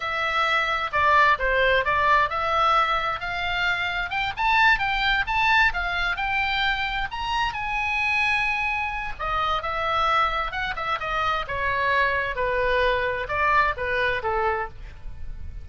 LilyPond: \new Staff \with { instrumentName = "oboe" } { \time 4/4 \tempo 4 = 131 e''2 d''4 c''4 | d''4 e''2 f''4~ | f''4 g''8 a''4 g''4 a''8~ | a''8 f''4 g''2 ais''8~ |
ais''8 gis''2.~ gis''8 | dis''4 e''2 fis''8 e''8 | dis''4 cis''2 b'4~ | b'4 d''4 b'4 a'4 | }